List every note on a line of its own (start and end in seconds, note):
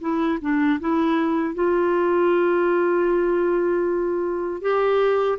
0.00 0.38 E4
0.41 0.79 D4
0.80 1.54 E4
1.54 4.61 F4
4.61 5.38 G4